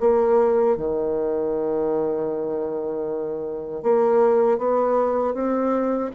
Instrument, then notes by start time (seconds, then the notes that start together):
bassoon
0.00 A#3
0.77 D#3
3.83 A#3
4.58 B3
5.34 C4